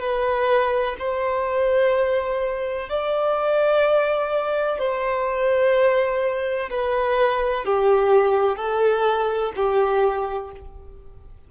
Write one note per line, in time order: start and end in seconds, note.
0.00 0.95 B4
0.98 2.89 C5
2.89 4.79 D5
4.79 6.69 C5
6.70 7.65 B4
7.65 8.56 G4
8.56 9.52 A4
9.56 10.51 G4